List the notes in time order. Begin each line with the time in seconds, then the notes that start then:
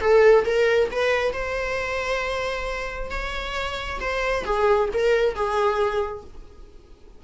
0.00 A4
0.45 A#4
0.91 B4
1.33 C5
3.11 C#5
4.00 C5
4.45 G#4
4.94 A#4
5.35 G#4